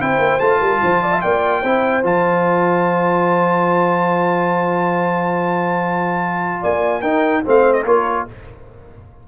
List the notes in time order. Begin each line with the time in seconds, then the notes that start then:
0.00 C4 E4 C5 G5
0.19 A#3
0.40 A3 F4 A5
0.59 G3 A#4
0.83 F3 C5
1.03 D5
1.13 E5
1.22 A#3 D5 G5
1.61 C4 E4 C5
2.04 F3 F4 A5
6.62 A#3 D5 G#5
7.02 D#4 A#4 G5
7.46 A3 C4 C5 F5
7.73 D#5
7.85 A#3 F4 A#4 C#5